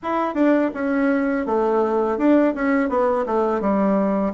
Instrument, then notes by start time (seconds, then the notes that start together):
bassoon
0.02 E4
0.34 D4
0.74 C#4
1.46 A3
2.18 D4
2.54 C#4
2.89 B3
3.26 A3
3.60 G3